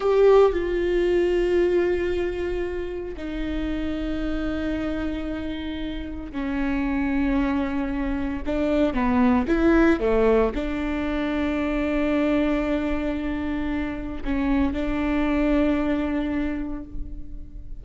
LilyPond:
\new Staff \with { instrumentName = "viola" } { \time 4/4 \tempo 4 = 114 g'4 f'2.~ | f'2 dis'2~ | dis'1 | cis'1 |
d'4 b4 e'4 a4 | d'1~ | d'2. cis'4 | d'1 | }